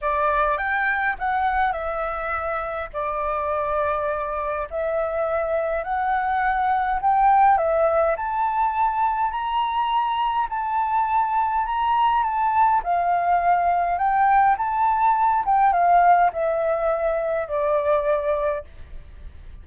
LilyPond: \new Staff \with { instrumentName = "flute" } { \time 4/4 \tempo 4 = 103 d''4 g''4 fis''4 e''4~ | e''4 d''2. | e''2 fis''2 | g''4 e''4 a''2 |
ais''2 a''2 | ais''4 a''4 f''2 | g''4 a''4. g''8 f''4 | e''2 d''2 | }